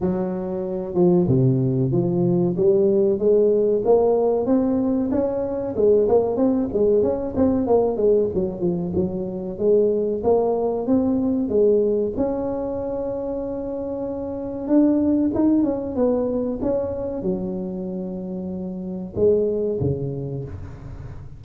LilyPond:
\new Staff \with { instrumentName = "tuba" } { \time 4/4 \tempo 4 = 94 fis4. f8 c4 f4 | g4 gis4 ais4 c'4 | cis'4 gis8 ais8 c'8 gis8 cis'8 c'8 | ais8 gis8 fis8 f8 fis4 gis4 |
ais4 c'4 gis4 cis'4~ | cis'2. d'4 | dis'8 cis'8 b4 cis'4 fis4~ | fis2 gis4 cis4 | }